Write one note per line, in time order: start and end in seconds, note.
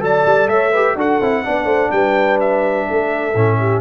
0.00 0.25 F#3
0.00 0.71 A4
0.00 0.52 D5
0.00 0.49 A5
0.26 0.48 G3
0.48 0.96 A3
0.48 0.72 C#5
0.48 0.96 E5
0.72 0.98 G4
0.72 0.96 B4
0.96 1.19 D4
0.96 1.22 F#4
0.96 1.45 A4
0.96 1.92 F#5
1.21 1.45 C4
1.21 1.44 E4
1.44 1.65 B3
1.44 3.34 D4
1.44 1.66 D5
1.65 1.89 A3
1.65 1.90 C5
1.92 2.87 G3
1.92 2.89 B4
1.92 2.39 G5
2.40 3.82 E5
2.90 3.35 A3
2.90 3.60 A4
3.35 3.82 A2
3.35 3.82 C#4
3.60 3.82 G4